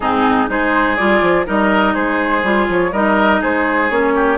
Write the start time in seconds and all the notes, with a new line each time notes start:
0.00 G#2 C4 D#4 G#4
0.48 G#3 D#4 G#4 C5
0.96 G3 F4 D5
1.21 F3
1.45 G3 D#4 A#4 D#5
1.93 G#3 G#4 C5
2.43 G3 F4
2.68 F3 C#5
2.92 G3 D#4 A#4 D#5
3.40 G#3 G#4 C5
3.90 A#3 C#4 C#5
4.14 G4